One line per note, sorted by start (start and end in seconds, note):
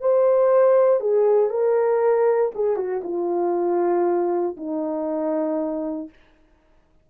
0.00 1.00 C5
1.00 1.50 G#4
1.50 2.51 A#4
2.54 2.76 G#4
2.76 3.02 F#4
3.03 4.56 F4
4.56 6.09 D#4